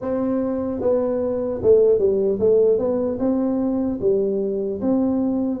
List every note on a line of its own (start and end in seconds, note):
0.01 0.80 C4
0.80 1.60 B3
1.62 1.98 A3
1.98 2.38 G3
2.39 2.78 A3
2.78 3.18 B3
3.19 3.99 C4
4.00 4.80 G3
4.81 5.60 C4